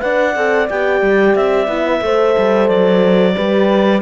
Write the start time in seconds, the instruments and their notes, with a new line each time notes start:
0.00 cello D4, horn B4 D5, clarinet F#5
0.36 cello C4, horn A4
0.70 cello B3, horn G4, clarinet G5
1.02 cello G3
1.36 cello C4, clarinet E5
1.68 cello B3, horn E4
1.87 horn B4
2.01 cello A3, horn A4 C5
2.38 cello G3
2.68 cello F#3, clarinet D5
3.35 cello G3, horn G4 B4